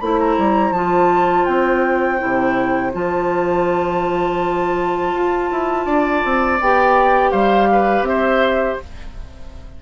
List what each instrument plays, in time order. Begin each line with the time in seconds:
0.00 bassoon A3, clarinet E4, oboe C5, flute B5
0.19 flute A#5
0.38 bassoon G3
0.71 bassoon F3, clarinet F4, flute A5
1.45 bassoon C4, flute G5
2.19 bassoon C3, clarinet E4
2.93 bassoon F3, clarinet F4, flute A5
5.14 bassoon F4
5.51 bassoon E4
5.85 bassoon D4, oboe D5
6.24 bassoon C4
6.60 bassoon B3, clarinet G4, flute G5
7.31 bassoon G3, oboe C5, flute F5
7.72 oboe B4
8.02 bassoon C4, flute E5
8.08 oboe C5